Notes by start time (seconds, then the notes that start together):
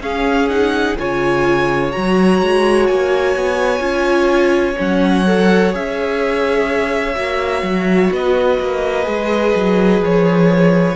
0.00 C#4 G#4 F5
0.49 D#4 F#5
0.99 C#3 F4 C#5 G#5
1.92 F#3 F#4 A#5
2.42 G#3
2.87 A#3 G#5
3.36 B3
3.80 C#4 F4
4.77 F#3 C#4 F#5
5.26 A4
5.72 C#4 G#4 E5
7.15 A#3 F#4
7.62 F#3
8.11 B3 B4 D#5
8.59 A#3
9.04 G#3 G#4
9.55 F#3
10.01 F3 C#5